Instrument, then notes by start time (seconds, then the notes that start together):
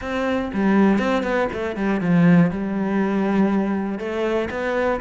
cello
0.01 C4
0.53 G3
0.99 C4
1.23 B3
1.52 A3
1.75 G3
2.00 F3
2.50 G3
3.99 A3
4.50 B3